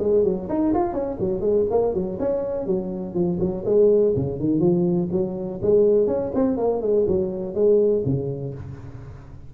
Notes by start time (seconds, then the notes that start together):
0.00 G#3
0.24 F#3
0.49 D#4
0.74 F4
0.93 C#4
1.20 F#3
1.41 G#3
1.71 A#3
1.94 F#3
2.20 C#4
2.67 F#3
3.15 F3
3.40 F#3
3.66 G#3
4.16 C#3
4.40 D#3
4.60 F3
5.12 F#3
5.63 G#3
6.07 C#4
6.35 C4
6.58 A#3
6.82 G#3
7.08 F#3
7.55 G#3
8.06 C#3